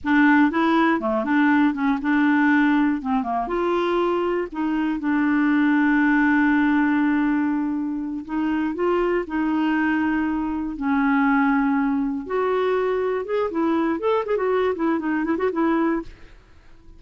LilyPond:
\new Staff \with { instrumentName = "clarinet" } { \time 4/4 \tempo 4 = 120 d'4 e'4 a8 d'4 cis'8 | d'2 c'8 ais8 f'4~ | f'4 dis'4 d'2~ | d'1~ |
d'8 dis'4 f'4 dis'4.~ | dis'4. cis'2~ cis'8~ | cis'8 fis'2 gis'8 e'4 | a'8 gis'16 fis'8. e'8 dis'8 e'16 fis'16 e'4 | }